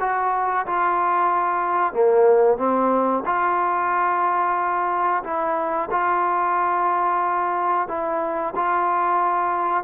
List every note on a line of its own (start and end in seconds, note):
0.00 0.66 F#4
0.67 1.93 F4
1.93 2.58 A#3
2.58 3.24 C4
3.26 5.24 F4
5.24 5.90 E4
5.91 7.88 F4
7.88 8.54 E4
8.56 9.84 F4